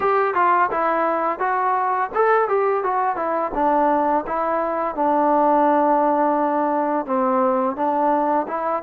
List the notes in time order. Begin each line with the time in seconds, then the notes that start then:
0.00 G4
0.34 F4
0.71 E4
1.39 F#4
2.14 A4
2.48 G4
2.83 F#4
3.16 E4
3.54 D4
4.26 E4
4.95 D4
7.06 C4
7.76 D4
8.47 E4